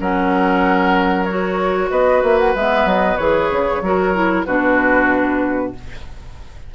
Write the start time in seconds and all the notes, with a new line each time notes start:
0.00 F#3 C#4 A#4 F#5
1.25 F#4 C#5
1.90 B3 B4 D#5
2.23 A#3 E5
2.39 F#5
2.55 G#3 B3 E5
2.85 F#3 D#5
3.16 E3 G#4 C#5
3.51 C#3
3.82 F#3 F#4 A#4
4.14 E4
4.45 B2 D4 F#4 B4